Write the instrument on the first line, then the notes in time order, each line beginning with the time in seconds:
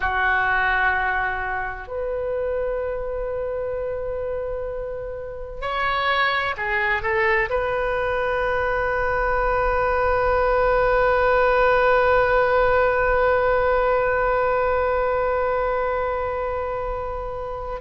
oboe
0.00 F#4
1.87 B4
5.61 C#5
6.57 G#4
7.02 A4
7.49 B4